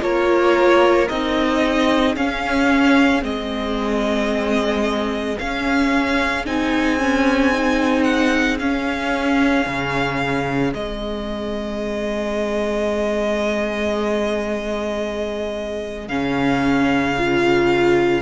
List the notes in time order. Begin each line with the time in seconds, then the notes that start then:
0.00 A#3 F4 A#4 C#5
1.09 C4 D#4 D#5
1.62 G#4
2.17 C#4 F5
3.22 G#3 C4 D#5
5.39 C#4 F5
6.46 C4 D#4 G#5
7.00 C#4
7.52 D#4
8.04 F#5
8.59 C#4 F5
9.67 C#3
10.73 G#3 C4 D#5
16.09 C#3 C#4 F5
17.18 F4